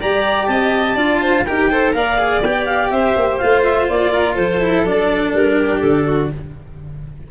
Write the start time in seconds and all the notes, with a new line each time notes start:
0.00 G3 G4 D5 A#5
0.46 C4 D#5 A5
0.95 D4 F4 D5
1.21 C5
1.44 D#4 G4 A#4 G5
1.70 A4 C5
1.94 A#3 A#4 D5 F5
2.18 G#4
2.42 B3 G4 G5
2.65 F5
2.90 C4 C5 E5
3.16 A#3
3.37 A3 F4 F5
3.63 E5
3.89 A#3 D5
4.11 A#4
4.35 F3 A4 C5
4.61 E4
4.84 F#3 D4 D5
5.33 G3 A#4
5.58 G4
5.80 D3 A4
6.06 F#4